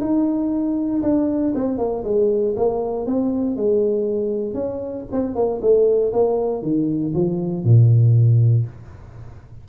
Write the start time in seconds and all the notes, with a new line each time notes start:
0.00 D#4
1.02 D4
1.54 C4
1.78 A#3
2.03 G#3
2.56 A#3
3.06 C4
3.56 G#3
4.53 C#4
5.12 C4
5.35 A#3
5.61 A3
6.12 A#3
6.62 D#3
7.14 F3
7.64 A#2